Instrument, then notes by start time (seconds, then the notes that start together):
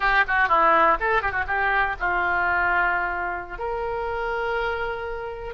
oboe
0.00 G4
0.27 F#4
0.48 E4
1.00 A4
1.22 G4
1.31 F#4
1.47 G4
1.99 F4
3.58 A#4